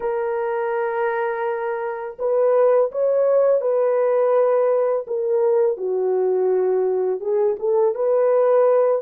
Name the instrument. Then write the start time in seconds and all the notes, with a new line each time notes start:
horn
0.00 A#4
2.19 B4
2.91 C#5
3.61 B4
5.07 A#4
5.77 F#4
7.20 G#4
7.59 A4
7.95 B4